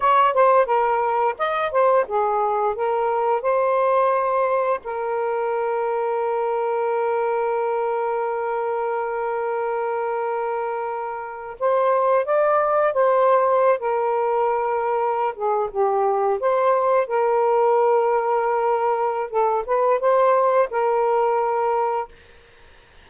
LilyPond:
\new Staff \with { instrumentName = "saxophone" } { \time 4/4 \tempo 4 = 87 cis''8 c''8 ais'4 dis''8 c''8 gis'4 | ais'4 c''2 ais'4~ | ais'1~ | ais'1~ |
ais'8. c''4 d''4 c''4~ c''16 | ais'2~ ais'16 gis'8 g'4 c''16~ | c''8. ais'2.~ ais'16 | a'8 b'8 c''4 ais'2 | }